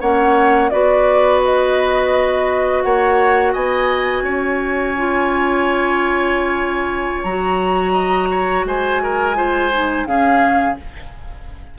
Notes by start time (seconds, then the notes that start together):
0.00 A#3 C#4 C#5 F#5
0.69 B3 F#4 B4 D5
1.44 D#5
2.82 A#3 C#5 F#5
3.52 B3 D#5 G#5
4.22 C#4 C#5
4.97 F4
7.23 F#3 F#4 A#5
7.92 D#5
8.31 C#5
8.64 G#3 C5 G#5
9.02 A#4
9.35 F4 C5
9.72 D#4
10.05 C#3 C#4 G#4 F5